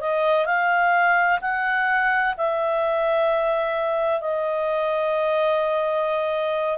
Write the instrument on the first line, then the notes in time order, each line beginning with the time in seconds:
clarinet
0.00 D#5
0.46 F5
1.41 F#5
2.37 E5
4.21 D#5